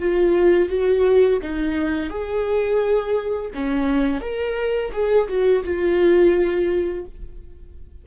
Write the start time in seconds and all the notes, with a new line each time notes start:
0.00 F4
0.70 F#4
1.42 D#4
2.10 G#4
3.55 C#4
4.21 A#4
4.93 G#4
5.29 F#4
5.64 F4